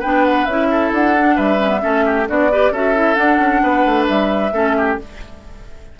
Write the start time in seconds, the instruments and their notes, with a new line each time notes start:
0.00 bassoon B3, clarinet D4, oboe B4, flute G5
0.25 flute F#5
0.46 bassoon C#4, clarinet E4, flute E5
0.71 oboe A4
0.92 bassoon D4, flute F#5
1.18 clarinet D4
1.36 bassoon G3, oboe B4, flute E5
1.59 clarinet C#4
1.69 clarinet B3
1.81 bassoon A3, clarinet C#4, oboe A4
2.06 oboe G4
2.28 bassoon B3, clarinet D4, oboe F#4, flute D5
2.52 clarinet G4, oboe B4
2.71 bassoon C#4, clarinet F#4, oboe A4, flute E5
2.95 clarinet E4
3.15 clarinet D4, bassoon D4, flute F#5
3.39 bassoon C#4
3.63 bassoon B3, oboe B4
3.86 bassoon A3
4.08 bassoon G3, flute E5
4.52 bassoon A3, clarinet C#4, oboe A4
4.77 oboe G4